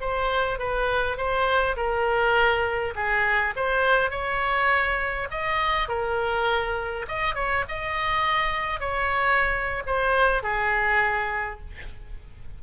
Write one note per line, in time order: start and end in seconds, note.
0.00 0.59 C5
0.59 1.17 B4
1.17 1.76 C5
1.76 2.94 A#4
2.95 3.54 G#4
3.56 4.10 C5
4.10 5.28 C#5
5.30 5.88 D#5
5.88 7.06 A#4
7.08 7.35 D#5
7.35 7.64 C#5
7.68 8.80 D#5
8.80 9.83 C#5
9.86 10.43 C5
10.43 11.60 G#4